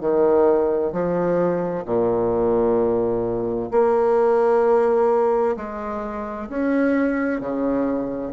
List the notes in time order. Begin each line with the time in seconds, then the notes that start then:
0.00 D#3
0.92 F3
1.85 A#2
3.71 A#3
5.56 G#3
6.49 C#4
7.40 C#3